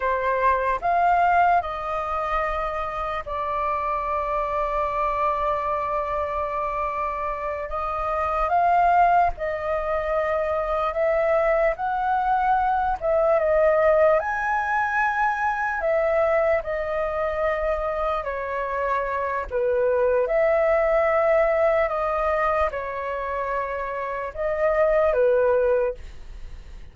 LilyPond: \new Staff \with { instrumentName = "flute" } { \time 4/4 \tempo 4 = 74 c''4 f''4 dis''2 | d''1~ | d''4. dis''4 f''4 dis''8~ | dis''4. e''4 fis''4. |
e''8 dis''4 gis''2 e''8~ | e''8 dis''2 cis''4. | b'4 e''2 dis''4 | cis''2 dis''4 b'4 | }